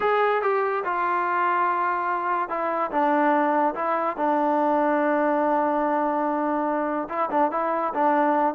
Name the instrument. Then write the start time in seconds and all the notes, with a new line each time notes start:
trombone
0.00 G#4
0.41 G4
0.84 F4
2.49 E4
2.91 D4
3.75 E4
4.16 D4
7.09 E4
7.30 D4
7.51 E4
7.93 D4